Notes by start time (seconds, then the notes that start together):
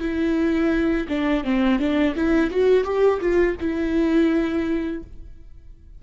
0.00 E4
1.08 D4
1.44 C4
1.79 D4
2.16 E4
2.50 F#4
2.84 G4
3.20 F4
3.60 E4